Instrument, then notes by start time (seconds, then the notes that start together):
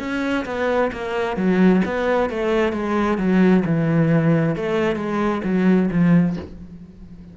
cello
0.00 C#4
0.46 B3
0.93 A#3
1.37 F#3
1.86 B3
2.30 A3
2.73 G#3
3.18 F#3
3.66 E3
4.56 A3
4.96 G#3
5.45 F#3
5.91 F3